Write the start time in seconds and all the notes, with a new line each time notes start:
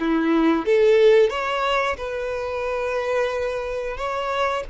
0.00 E4
0.66 A4
1.30 C#5
1.97 B4
3.97 C#5